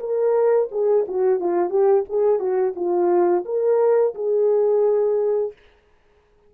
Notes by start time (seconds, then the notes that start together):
0.00 A#4
0.72 G#4
1.08 F#4
1.40 F4
1.70 G4
2.09 G#4
2.40 F#4
2.76 F4
3.45 A#4
4.15 G#4